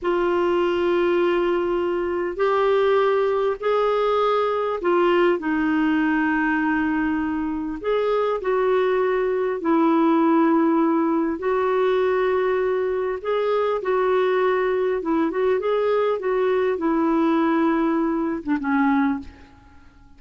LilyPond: \new Staff \with { instrumentName = "clarinet" } { \time 4/4 \tempo 4 = 100 f'1 | g'2 gis'2 | f'4 dis'2.~ | dis'4 gis'4 fis'2 |
e'2. fis'4~ | fis'2 gis'4 fis'4~ | fis'4 e'8 fis'8 gis'4 fis'4 | e'2~ e'8. d'16 cis'4 | }